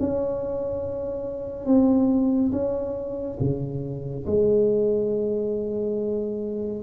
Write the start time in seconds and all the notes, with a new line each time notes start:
0.00 C#4
1.66 C4
2.52 C#4
3.40 C#3
4.27 G#3